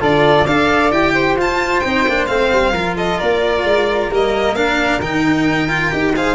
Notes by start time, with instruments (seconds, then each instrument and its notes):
0.00 tuba D3, cello F4, flute A4, violin D5
0.44 tuba D4, cello A4, flute D5, violin F5
0.91 tuba E4, cello G4, violin G5
1.14 flute C5
1.36 tuba F4, cello F4, violin A5
1.79 tuba C4, cello D#4, violin G5
2.07 tuba A#3, cello D4
2.26 tuba A3, cello C4, violin F5
2.52 tuba G3
2.72 tuba F3, cello F4, flute A#4
2.96 flute A4, violin D#5
3.18 tuba A#3, flute A#4, violin D5
3.64 tuba G#3
4.10 tuba G3, cello A#3, violin D#5
4.52 tuba A#3, cello D4, violin F5
4.99 tuba D#3, cello D#4, violin G5
5.69 cello F4
5.91 tuba D#4, cello G4
6.15 cello G#4, flute C5, violin F5